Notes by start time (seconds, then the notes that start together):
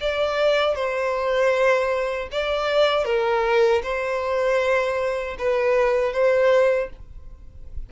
0.00 D5
0.75 C5
2.31 D5
3.05 A#4
3.83 C5
5.38 B4
6.13 C5